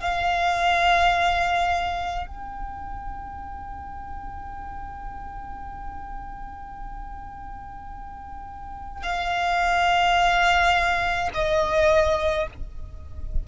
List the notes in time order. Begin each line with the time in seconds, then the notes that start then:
0.00 F5
2.26 G5
9.03 F5
11.34 D#5